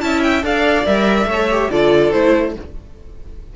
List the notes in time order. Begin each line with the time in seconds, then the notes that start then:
0.00 C#4 E4 E5 A5
0.22 G5
0.42 D4 A4 D5 F5
0.85 G3 A#4 E5
1.25 A3 C#5
1.32 A4
1.51 G4
1.70 D3 F4 A4 D5
2.11 A3 E4 C5